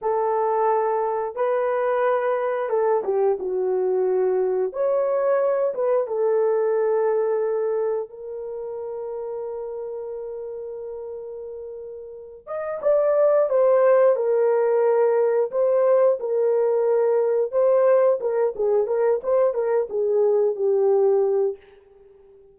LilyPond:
\new Staff \with { instrumentName = "horn" } { \time 4/4 \tempo 4 = 89 a'2 b'2 | a'8 g'8 fis'2 cis''4~ | cis''8 b'8 a'2. | ais'1~ |
ais'2~ ais'8 dis''8 d''4 | c''4 ais'2 c''4 | ais'2 c''4 ais'8 gis'8 | ais'8 c''8 ais'8 gis'4 g'4. | }